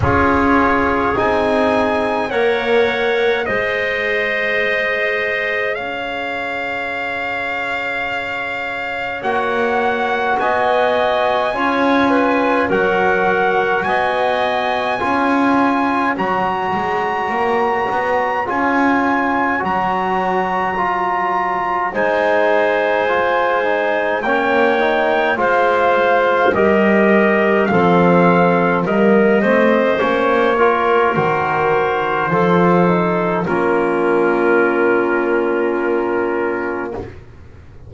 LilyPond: <<
  \new Staff \with { instrumentName = "trumpet" } { \time 4/4 \tempo 4 = 52 cis''4 gis''4 fis''4 dis''4~ | dis''4 f''2. | fis''4 gis''2 fis''4 | gis''2 ais''2 |
gis''4 ais''2 gis''4~ | gis''4 g''4 f''4 dis''4 | f''4 dis''4 cis''4 c''4~ | c''4 ais'2. | }
  \new Staff \with { instrumentName = "clarinet" } { \time 4/4 gis'2 cis''4 c''4~ | c''4 cis''2.~ | cis''4 dis''4 cis''8 b'8 ais'4 | dis''4 cis''2.~ |
cis''2. c''4~ | c''4 cis''4 c''4 ais'4 | a'4 ais'8 c''4 ais'4. | a'4 f'2. | }
  \new Staff \with { instrumentName = "trombone" } { \time 4/4 f'4 dis'4 ais'4 gis'4~ | gis'1 | fis'2 f'4 fis'4~ | fis'4 f'4 fis'2 |
f'4 fis'4 f'4 dis'4 | f'8 dis'8 cis'8 dis'8 f'4 g'4 | c'4 ais8 c'8 cis'8 f'8 fis'4 | f'8 dis'8 cis'2. | }
  \new Staff \with { instrumentName = "double bass" } { \time 4/4 cis'4 c'4 ais4 gis4~ | gis4 cis'2. | ais4 b4 cis'4 fis4 | b4 cis'4 fis8 gis8 ais8 b8 |
cis'4 fis2 gis4~ | gis4 ais4 gis4 g4 | f4 g8 a8 ais4 dis4 | f4 ais2. | }
>>